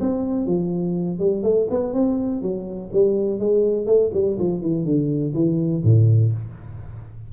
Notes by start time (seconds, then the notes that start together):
0.00 C4
0.46 F3
1.18 G3
1.43 A3
1.70 B3
1.93 C4
2.41 F#3
2.92 G3
3.39 G#3
3.86 A3
4.13 G3
4.39 F3
4.61 E3
4.84 D3
5.33 E3
5.84 A2